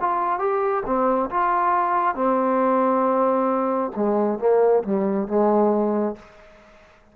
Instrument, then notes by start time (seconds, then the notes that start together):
trombone
0.00 F4
0.39 G4
0.85 C4
1.30 F4
2.15 C4
3.96 G#3
4.39 A#3
4.83 G3
5.27 G#3